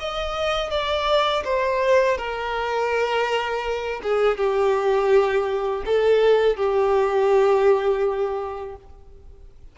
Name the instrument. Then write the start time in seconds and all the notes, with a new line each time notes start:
violin
0.00 D#5
0.71 D5
1.44 C5
2.18 A#4
4.03 G#4
4.37 G4
5.86 A4
6.57 G4